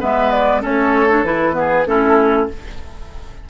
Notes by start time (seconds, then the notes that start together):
0.00 G#3 B3 B4 E5
0.31 D5
0.61 A3 C#4 A4 C#5
1.09 D4
1.23 E3 E4 B4
1.53 B3 G#4
1.86 A3 C#4 E4 A4